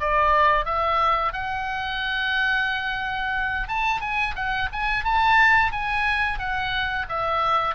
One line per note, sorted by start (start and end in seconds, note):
0.00 0.65 D5
0.65 1.33 E5
1.33 3.68 F#5
3.68 4.01 A5
4.01 4.35 G#5
4.35 4.69 F#5
4.72 5.04 G#5
5.04 5.72 A5
5.72 6.39 G#5
6.39 7.06 F#5
7.09 7.75 E5